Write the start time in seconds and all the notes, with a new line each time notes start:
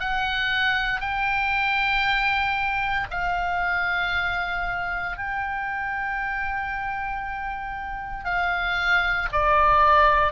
0.00 F#5
1.01 G5
3.11 F5
5.18 G5
8.25 F5
9.32 D5